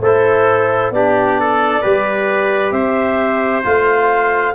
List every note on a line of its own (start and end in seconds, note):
0.00 0.91 A3
0.00 0.94 E4
0.00 0.94 A4
0.00 0.92 C5
0.91 1.82 B3
0.91 1.83 D4
0.91 1.40 G4
0.91 2.71 D5
1.40 1.82 A4
1.82 2.71 G3
1.82 3.64 G4
1.82 2.73 B4
2.71 3.62 C4
2.71 4.55 C5
2.71 3.62 E5
3.64 4.55 A3
3.64 4.55 F4
3.64 4.55 F5